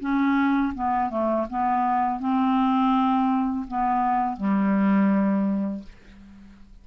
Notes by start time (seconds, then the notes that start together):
0.00 C#4
0.74 B3
1.10 A3
1.49 B3
2.20 C4
3.68 B3
4.37 G3